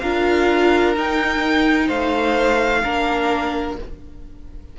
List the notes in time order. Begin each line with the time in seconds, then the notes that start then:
0.00 D4 F4 A#4 F5
0.96 D#4 G5
1.88 A3 C5 F5
2.84 A#3 D4 A#4